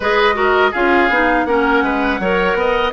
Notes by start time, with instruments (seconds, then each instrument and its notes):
0.00 bassoon G#3, clarinet G#4, oboe B4, flute D#5
0.34 clarinet F#4, oboe A#4
0.71 bassoon C#4, clarinet F4, oboe G#4, flute F5
1.09 bassoon B3, clarinet D#4
1.45 bassoon A#3, clarinet C#4, oboe A#4, flute F#5
1.82 bassoon G#3, oboe B4
2.19 bassoon F#3, clarinet A#4, oboe C#5
2.54 bassoon B3, oboe D#5